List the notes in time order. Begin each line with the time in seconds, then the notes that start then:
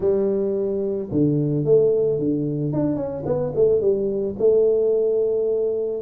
0.00 G3
1.11 D3
1.64 A3
2.18 D3
2.72 D4
2.96 C#4
3.25 B3
3.55 A3
3.81 G3
4.38 A3